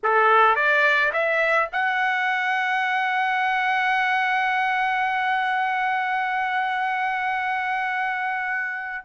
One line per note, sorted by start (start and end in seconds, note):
0.03 0.55 A4
0.55 1.12 D5
1.12 1.69 E5
1.72 9.05 F#5